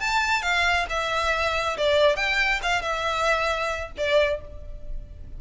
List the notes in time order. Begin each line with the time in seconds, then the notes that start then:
0.00 A5
0.42 F5
0.90 E5
1.77 D5
2.16 G5
2.63 F5
2.82 E5
3.97 D5